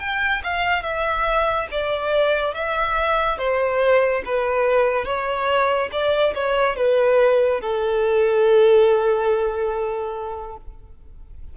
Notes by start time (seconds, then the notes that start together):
0.00 G5
0.44 F5
0.83 E5
1.72 D5
2.54 E5
3.39 C5
4.26 B4
5.06 C#5
5.92 D5
6.35 C#5
6.77 B4
7.61 A4